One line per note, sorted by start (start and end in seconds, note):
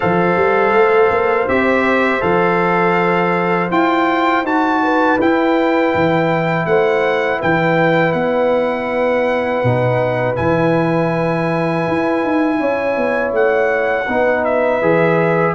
0.00 0.35 F3
0.00 1.47 A4
0.00 4.81 C5
0.00 1.48 F5
0.35 0.72 G3
0.72 1.09 A3
1.10 1.47 A#3
1.48 2.22 C4
1.48 2.20 G4
1.48 2.22 E5
2.20 3.71 F3
2.20 3.68 A4
2.20 3.70 F5
3.70 4.42 E4
3.70 4.44 F4
3.70 4.45 G5
4.42 5.16 D#4
4.42 5.19 F#4
4.42 5.20 A5
4.83 6.68 B4
5.19 5.93 E4
5.19 9.65 E4
5.19 6.65 G5
5.94 6.65 E3
6.65 7.39 A3
6.65 7.39 C5
6.65 7.40 F#5
7.39 8.13 E3
7.39 12.57 B4
7.39 8.12 G5
8.12 9.61 B3
8.12 10.34 F#5
9.63 10.37 B2
9.63 10.35 D#4
10.35 11.87 E3
10.35 14.05 E4
10.35 13.32 G#5
11.87 12.23 E4
12.23 12.60 D#4
12.60 12.96 C#4
12.60 14.08 C#5
12.96 13.32 B3
13.32 14.06 A3
13.32 14.44 F#5
14.08 14.81 B3
14.08 14.82 D#4
14.08 15.55 B4
14.44 15.55 E5
14.81 15.55 E3
14.81 15.55 G#4